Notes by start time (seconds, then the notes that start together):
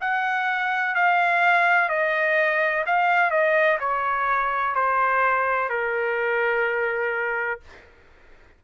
0.00 F#5
0.95 F5
1.89 D#5
2.86 F5
3.30 D#5
3.79 C#5
4.74 C5
5.69 A#4